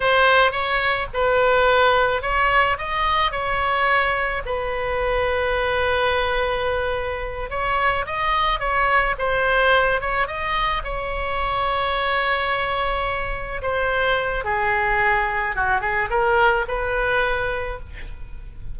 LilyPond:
\new Staff \with { instrumentName = "oboe" } { \time 4/4 \tempo 4 = 108 c''4 cis''4 b'2 | cis''4 dis''4 cis''2 | b'1~ | b'4. cis''4 dis''4 cis''8~ |
cis''8 c''4. cis''8 dis''4 cis''8~ | cis''1~ | cis''8 c''4. gis'2 | fis'8 gis'8 ais'4 b'2 | }